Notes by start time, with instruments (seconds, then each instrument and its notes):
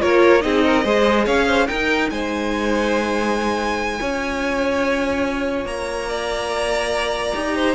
0.00 cello A#3, viola F4, violin A#4 C#5
0.41 cello C4, viola D#4, violin G#4 D#5
0.64 violin A#4
0.84 cello G#3, viola G#4, violin C5
1.25 cello C#4, violin C#5 F5
1.47 violin C5
1.67 viola D#4, cello D#4, violin A#4 G5
2.10 cello G#3, violin C5 G#5
3.99 cello C#4, viola F4, violin C#5
5.65 cello A#3, violin A#5
6.09 violin D5
7.34 cello D#4, viola G4
7.56 violin C5